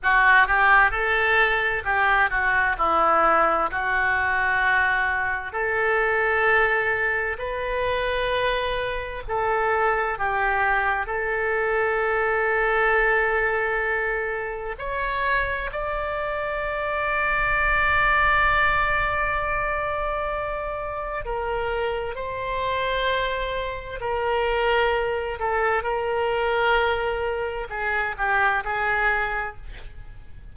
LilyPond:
\new Staff \with { instrumentName = "oboe" } { \time 4/4 \tempo 4 = 65 fis'8 g'8 a'4 g'8 fis'8 e'4 | fis'2 a'2 | b'2 a'4 g'4 | a'1 |
cis''4 d''2.~ | d''2. ais'4 | c''2 ais'4. a'8 | ais'2 gis'8 g'8 gis'4 | }